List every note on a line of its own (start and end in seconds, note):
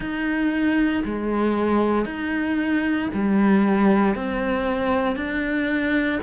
0.00 1.03 D#4
1.04 2.05 G#3
2.05 3.08 D#4
3.13 4.15 G3
4.15 5.16 C4
5.16 6.19 D4